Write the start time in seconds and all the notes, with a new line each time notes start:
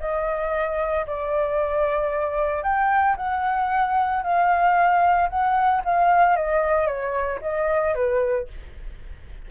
0.00 D#5
1.07 D5
2.63 G5
3.17 F#5
4.23 F5
5.30 F#5
5.85 F5
6.36 D#5
6.87 C#5
7.42 D#5
7.95 B4